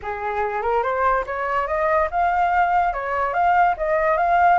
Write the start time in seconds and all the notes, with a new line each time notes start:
0.02 G#4
0.62 A#4
0.82 C5
1.26 C#5
1.67 D#5
2.10 F5
2.93 C#5
3.33 F5
3.77 D#5
4.17 F5